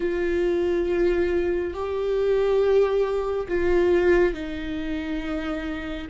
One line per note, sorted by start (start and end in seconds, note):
0.00 1.73 F4
1.73 3.47 G4
3.48 4.33 F4
4.33 6.07 D#4